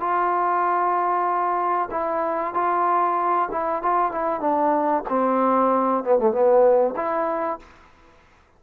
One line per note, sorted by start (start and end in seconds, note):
0.00 1.89 F4
1.91 2.54 E4
2.54 3.49 F4
3.51 3.82 E4
3.82 4.12 F4
4.12 4.40 E4
4.40 5.04 D4
5.09 6.04 C4
6.04 6.19 B3
6.19 6.32 A3
6.32 6.95 B3
6.96 7.59 E4